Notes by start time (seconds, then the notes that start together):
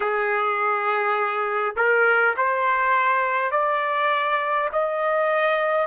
0.00 G#4
1.75 A#4
2.36 C5
3.51 D5
4.72 D#5